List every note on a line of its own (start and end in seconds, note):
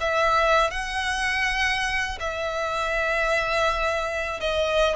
0.00 0.70 E5
0.70 2.19 F#5
2.20 4.40 E5
4.40 4.96 D#5